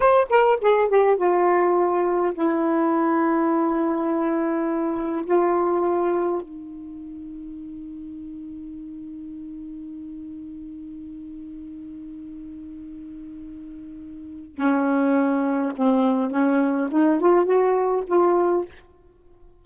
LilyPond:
\new Staff \with { instrumentName = "saxophone" } { \time 4/4 \tempo 4 = 103 c''8 ais'8 gis'8 g'8 f'2 | e'1~ | e'4 f'2 dis'4~ | dis'1~ |
dis'1~ | dis'1~ | dis'4 cis'2 c'4 | cis'4 dis'8 f'8 fis'4 f'4 | }